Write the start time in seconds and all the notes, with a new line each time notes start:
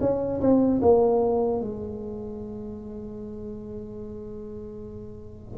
0.00 C#4
0.40 C4
0.81 A#3
1.61 G#3